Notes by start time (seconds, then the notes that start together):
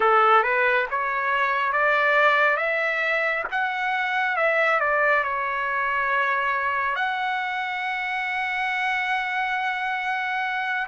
0.00 A4
0.43 B4
0.90 C#5
1.72 D5
2.57 E5
3.51 F#5
4.36 E5
4.79 D5
5.23 C#5
6.95 F#5